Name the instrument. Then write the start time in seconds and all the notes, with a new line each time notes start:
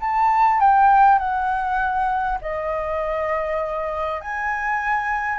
flute
0.00 A5
0.60 G5
1.18 F#5
2.41 D#5
4.21 G#5